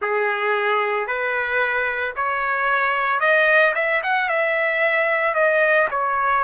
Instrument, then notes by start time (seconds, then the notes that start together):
trumpet
0.01 G#4
1.07 B4
2.16 C#5
3.19 D#5
3.75 E5
4.03 F#5
4.29 E5
5.34 D#5
5.90 C#5